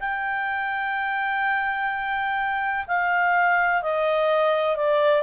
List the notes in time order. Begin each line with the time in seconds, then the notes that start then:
0.00 G5
2.87 F5
3.82 D#5
4.76 D5